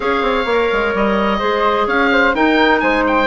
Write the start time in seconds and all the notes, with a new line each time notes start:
0.00 C#4 G#4 C#5 F5
0.21 C4
0.45 A#3 A#4
0.72 G#3
0.94 G3 D#5
1.39 G#3 G#4 C5
1.86 C#4 C#5 F5
2.11 C5
2.34 D#4 A#4 G5
2.79 G#3 C5 G#5
3.06 G5